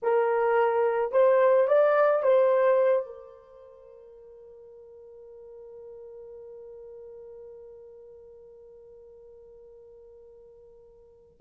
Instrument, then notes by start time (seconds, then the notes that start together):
horn
0.02 A#4
1.11 C5
1.67 D5
2.22 C5
3.06 A#4